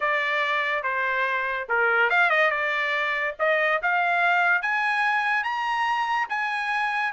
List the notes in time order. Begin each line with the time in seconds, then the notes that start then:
0.00 D5
0.83 C5
1.68 A#4
2.10 F5
2.30 D#5
2.51 D5
3.39 D#5
3.82 F5
4.62 G#5
5.43 A#5
6.29 G#5